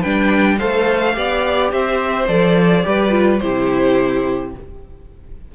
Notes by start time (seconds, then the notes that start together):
0.00 G3 D4 B4 G5
0.58 A3 A4 C5 F5
1.14 B3 G4 D5
1.72 C4 C5 E5
2.27 F3 A4 D5
2.83 G3 G4 B4
3.10 F4
3.39 C3 E4 G4 C5